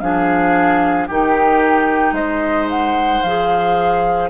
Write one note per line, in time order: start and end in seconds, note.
0.00 1.08 F3
0.00 1.09 D4
0.00 1.07 G#4
0.00 1.07 F5
1.07 2.12 D#3
1.07 3.24 D#4
1.07 2.14 G4
1.07 2.14 G5
2.12 3.19 G#3
2.12 4.29 C5
2.12 2.68 D#5
2.70 3.23 F#5
3.23 4.30 F3
3.23 4.30 G#4
3.23 4.30 F5